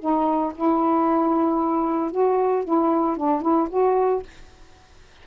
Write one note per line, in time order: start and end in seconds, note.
0.00 0.53 D#4
0.56 2.11 E4
2.11 2.65 F#4
2.65 3.17 E4
3.17 3.42 D4
3.42 3.69 E4
3.70 4.23 F#4